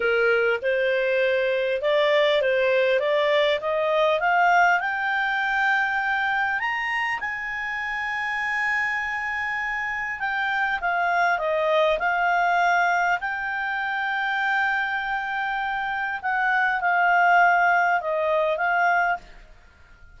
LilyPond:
\new Staff \with { instrumentName = "clarinet" } { \time 4/4 \tempo 4 = 100 ais'4 c''2 d''4 | c''4 d''4 dis''4 f''4 | g''2. ais''4 | gis''1~ |
gis''4 g''4 f''4 dis''4 | f''2 g''2~ | g''2. fis''4 | f''2 dis''4 f''4 | }